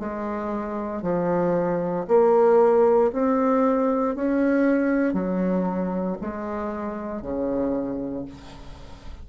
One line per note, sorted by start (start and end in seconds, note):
0.00 1.03 G#3
1.03 2.06 F3
2.08 3.12 A#3
3.13 4.16 C4
4.16 5.14 C#4
5.14 6.17 F#3
6.21 7.22 G#3
7.22 8.25 C#3